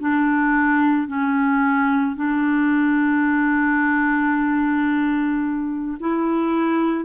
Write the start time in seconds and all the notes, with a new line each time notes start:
0.00 D4
1.08 C#4
2.16 D4
6.00 E4